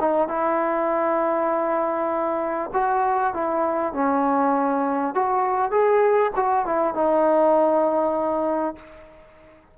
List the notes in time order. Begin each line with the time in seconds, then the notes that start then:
0.00 D#4
0.28 E4
2.74 F#4
3.34 E4
3.93 C#4
5.15 F#4
5.71 G#4
6.36 F#4
6.66 E4
6.94 D#4